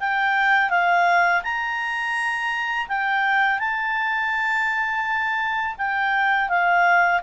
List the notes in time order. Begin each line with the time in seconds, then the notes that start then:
0.00 G5
0.70 F5
1.43 A#5
2.88 G5
3.59 A5
5.78 G5
6.49 F5